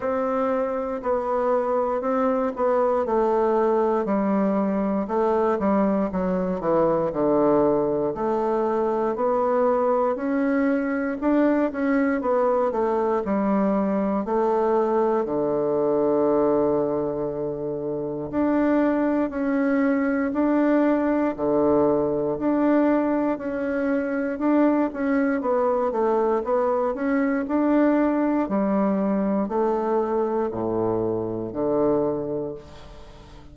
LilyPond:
\new Staff \with { instrumentName = "bassoon" } { \time 4/4 \tempo 4 = 59 c'4 b4 c'8 b8 a4 | g4 a8 g8 fis8 e8 d4 | a4 b4 cis'4 d'8 cis'8 | b8 a8 g4 a4 d4~ |
d2 d'4 cis'4 | d'4 d4 d'4 cis'4 | d'8 cis'8 b8 a8 b8 cis'8 d'4 | g4 a4 a,4 d4 | }